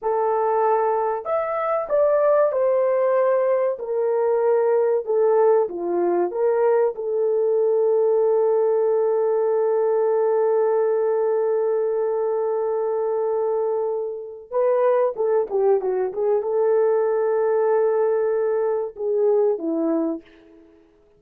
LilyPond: \new Staff \with { instrumentName = "horn" } { \time 4/4 \tempo 4 = 95 a'2 e''4 d''4 | c''2 ais'2 | a'4 f'4 ais'4 a'4~ | a'1~ |
a'1~ | a'2. b'4 | a'8 g'8 fis'8 gis'8 a'2~ | a'2 gis'4 e'4 | }